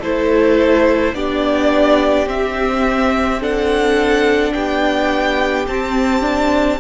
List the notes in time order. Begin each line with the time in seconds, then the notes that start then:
0.00 A3 E4 A4 C5
1.13 B3 D4 G4 D5
2.26 C4 E5
3.41 D4 A4 F#5
4.54 B3 G4 G5
5.68 C4 A5
6.22 D4